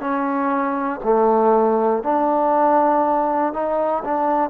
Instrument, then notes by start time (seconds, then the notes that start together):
trombone
0.00 C#4
1.04 A3
2.04 D4
3.53 D#4
4.05 D4